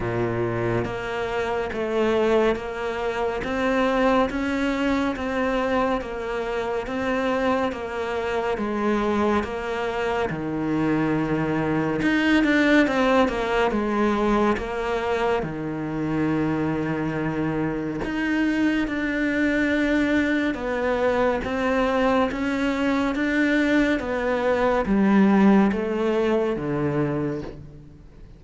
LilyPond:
\new Staff \with { instrumentName = "cello" } { \time 4/4 \tempo 4 = 70 ais,4 ais4 a4 ais4 | c'4 cis'4 c'4 ais4 | c'4 ais4 gis4 ais4 | dis2 dis'8 d'8 c'8 ais8 |
gis4 ais4 dis2~ | dis4 dis'4 d'2 | b4 c'4 cis'4 d'4 | b4 g4 a4 d4 | }